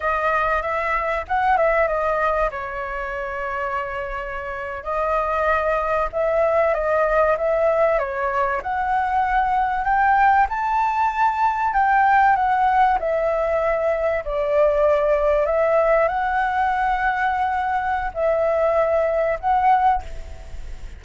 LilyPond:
\new Staff \with { instrumentName = "flute" } { \time 4/4 \tempo 4 = 96 dis''4 e''4 fis''8 e''8 dis''4 | cis''2.~ cis''8. dis''16~ | dis''4.~ dis''16 e''4 dis''4 e''16~ | e''8. cis''4 fis''2 g''16~ |
g''8. a''2 g''4 fis''16~ | fis''8. e''2 d''4~ d''16~ | d''8. e''4 fis''2~ fis''16~ | fis''4 e''2 fis''4 | }